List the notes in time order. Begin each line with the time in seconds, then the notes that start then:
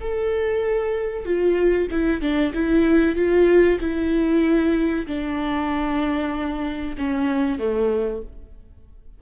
0.00 A4
1.25 F4
1.91 E4
2.21 D4
2.53 E4
3.16 F4
3.80 E4
5.06 D4
6.97 C#4
7.58 A3